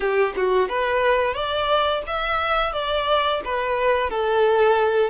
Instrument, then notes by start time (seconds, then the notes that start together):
violin
0.00 G4
0.36 F#4
0.68 B4
1.34 D5
2.06 E5
2.73 D5
3.44 B4
4.10 A4